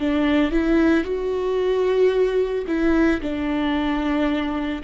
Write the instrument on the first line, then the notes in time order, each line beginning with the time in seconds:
viola
0.00 D4
0.51 E4
1.04 F#4
2.67 E4
3.21 D4